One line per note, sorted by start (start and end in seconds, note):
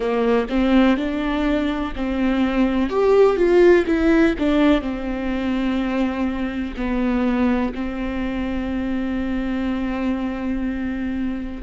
0.00 0.46 A#3
0.49 0.97 C4
0.97 1.94 D4
1.95 2.89 C4
2.89 3.36 G4
3.36 3.84 F4
3.86 4.35 E4
4.39 4.81 D4
4.81 6.74 C4
6.76 7.73 B3
7.74 11.61 C4